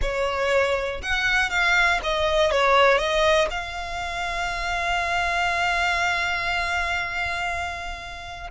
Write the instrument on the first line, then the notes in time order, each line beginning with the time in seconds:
violin
0.01 C#5
1.02 F#5
1.50 F5
2.03 D#5
2.51 C#5
2.98 D#5
3.50 F5